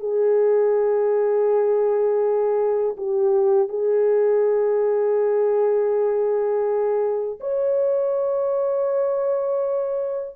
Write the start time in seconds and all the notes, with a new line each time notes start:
0.00 G#4
2.97 G4
3.69 G#4
7.40 C#5